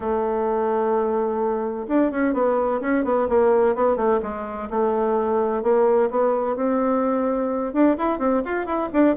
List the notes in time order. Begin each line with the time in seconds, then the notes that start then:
0.00 A3
1.87 D4
2.11 C#4
2.33 B3
2.80 C#4
3.04 B3
3.28 A#3
3.75 B3
3.96 A3
4.22 G#3
4.69 A3
5.62 A#3
6.10 B3
6.55 C4
7.73 D4
7.97 E4
8.18 C4
8.44 F4
8.65 E4
8.93 D4